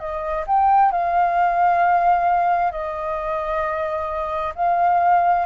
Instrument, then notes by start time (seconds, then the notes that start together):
flute
0.00 D#5
0.47 G5
0.92 F5
2.72 D#5
4.56 F5